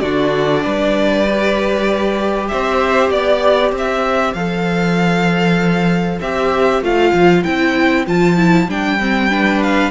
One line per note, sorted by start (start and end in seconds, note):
0.00 0.65 D3
0.00 1.27 D4
0.00 0.64 F#4
0.00 2.47 D5
0.64 2.51 G3
0.64 2.49 B4
1.27 4.36 G4
2.49 3.11 C4
2.49 3.13 C5
2.49 3.11 E5
3.11 3.72 B3
3.11 3.73 D5
3.11 3.74 D5
3.72 4.34 C4
3.72 9.31 C5
3.79 4.34 E5
4.34 6.20 F3
4.34 6.22 A4
4.34 6.19 F5
6.22 6.82 C4
6.22 6.83 G4
6.22 6.84 E5
6.82 7.13 A3
6.82 7.44 F4
6.82 7.44 F5
7.13 7.44 F3
7.44 8.07 C4
7.44 8.06 E4
7.44 8.06 G5
8.07 8.68 F3
8.07 8.37 F4
8.07 8.70 A5
8.37 8.68 E4
8.68 9.91 G3
8.68 9.00 D4
8.68 9.63 G5
9.00 9.30 C4
9.30 9.91 D4
9.30 9.91 B4
9.63 9.91 F5